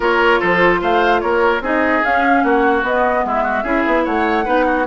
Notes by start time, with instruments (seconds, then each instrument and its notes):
0.00 bassoon A#3, clarinet F4, oboe A#4, flute C#5
0.39 bassoon F3, oboe A4, flute C5
0.80 bassoon A3, oboe C5, flute F5
1.20 bassoon A#3, oboe A#4, flute C#5
1.60 bassoon C4, clarinet D#4, oboe G#4, flute D#5
2.03 clarinet C#4, bassoon C#4, flute F5
2.43 bassoon A#3, oboe F#4, flute F#5
2.83 bassoon B3, clarinet B3, flute D#5
3.24 bassoon G#3, oboe E4, flute E5
3.43 oboe F#4
3.63 bassoon C#4, clarinet E4, oboe G#4
3.86 bassoon B3
4.04 bassoon A3, oboe C#5, flute F#5
4.44 bassoon B3, clarinet D#4, oboe B4
4.66 oboe F#4